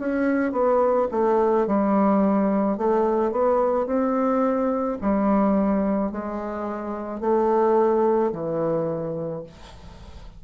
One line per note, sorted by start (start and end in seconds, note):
0.00 0.53 C#4
0.53 1.08 B3
1.12 1.67 A3
1.67 2.78 G3
2.78 3.32 A3
3.32 3.87 B3
3.87 4.98 C4
5.02 6.12 G3
6.12 7.21 G#3
7.21 8.32 A3
8.33 9.44 E3